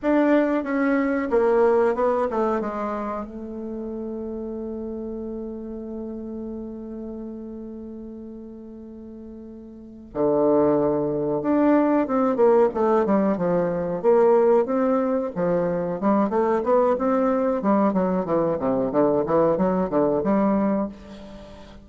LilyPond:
\new Staff \with { instrumentName = "bassoon" } { \time 4/4 \tempo 4 = 92 d'4 cis'4 ais4 b8 a8 | gis4 a2.~ | a1~ | a2.~ a8 d8~ |
d4. d'4 c'8 ais8 a8 | g8 f4 ais4 c'4 f8~ | f8 g8 a8 b8 c'4 g8 fis8 | e8 c8 d8 e8 fis8 d8 g4 | }